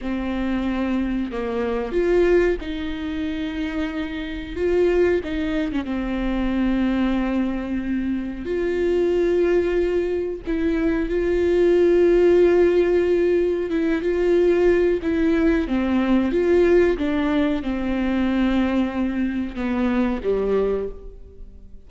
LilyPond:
\new Staff \with { instrumentName = "viola" } { \time 4/4 \tempo 4 = 92 c'2 ais4 f'4 | dis'2. f'4 | dis'8. cis'16 c'2.~ | c'4 f'2. |
e'4 f'2.~ | f'4 e'8 f'4. e'4 | c'4 f'4 d'4 c'4~ | c'2 b4 g4 | }